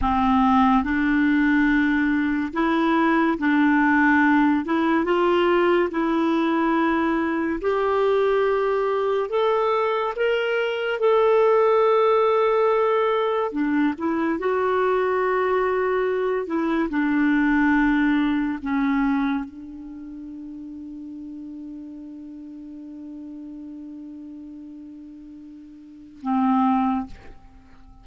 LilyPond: \new Staff \with { instrumentName = "clarinet" } { \time 4/4 \tempo 4 = 71 c'4 d'2 e'4 | d'4. e'8 f'4 e'4~ | e'4 g'2 a'4 | ais'4 a'2. |
d'8 e'8 fis'2~ fis'8 e'8 | d'2 cis'4 d'4~ | d'1~ | d'2. c'4 | }